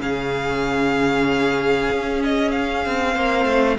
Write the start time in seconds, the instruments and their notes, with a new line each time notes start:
0.00 cello C#3, viola C#4, violin G#4 F5
1.92 cello C#4
2.24 violin D#5
2.52 violin F5
2.86 cello C4
3.13 cello A#3, viola C4, violin C5
3.46 cello A3